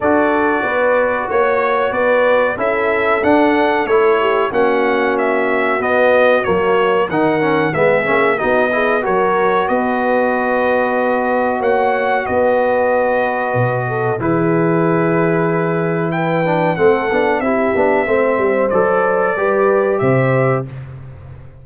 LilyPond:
<<
  \new Staff \with { instrumentName = "trumpet" } { \time 4/4 \tempo 4 = 93 d''2 cis''4 d''4 | e''4 fis''4 cis''4 fis''4 | e''4 dis''4 cis''4 fis''4 | e''4 dis''4 cis''4 dis''4~ |
dis''2 fis''4 dis''4~ | dis''2 b'2~ | b'4 g''4 fis''4 e''4~ | e''4 d''2 e''4 | }
  \new Staff \with { instrumentName = "horn" } { \time 4/4 a'4 b'4 cis''4 b'4 | a'2~ a'8 g'8 fis'4~ | fis'2. ais'4 | gis'4 fis'8 gis'8 ais'4 b'4~ |
b'2 cis''4 b'4~ | b'4. a'8 gis'2~ | gis'4 b'4 a'4 g'4 | c''2 b'4 c''4 | }
  \new Staff \with { instrumentName = "trombone" } { \time 4/4 fis'1 | e'4 d'4 e'4 cis'4~ | cis'4 b4 ais4 dis'8 cis'8 | b8 cis'8 dis'8 e'8 fis'2~ |
fis'1~ | fis'2 e'2~ | e'4. d'8 c'8 d'8 e'8 d'8 | c'4 a'4 g'2 | }
  \new Staff \with { instrumentName = "tuba" } { \time 4/4 d'4 b4 ais4 b4 | cis'4 d'4 a4 ais4~ | ais4 b4 fis4 dis4 | gis8 ais8 b4 fis4 b4~ |
b2 ais4 b4~ | b4 b,4 e2~ | e2 a8 b8 c'8 b8 | a8 g8 fis4 g4 c4 | }
>>